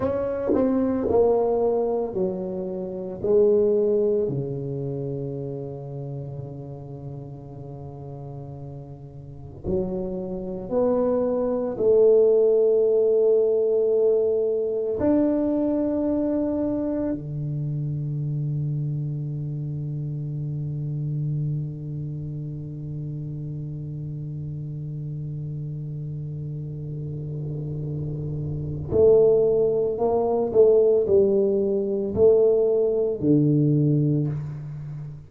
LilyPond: \new Staff \with { instrumentName = "tuba" } { \time 4/4 \tempo 4 = 56 cis'8 c'8 ais4 fis4 gis4 | cis1~ | cis4 fis4 b4 a4~ | a2 d'2 |
d1~ | d1~ | d2. a4 | ais8 a8 g4 a4 d4 | }